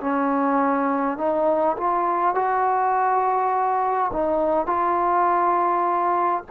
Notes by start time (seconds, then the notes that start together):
0.00 C#4
1.18 D#4
1.77 F4
2.35 F#4
4.13 D#4
4.66 F4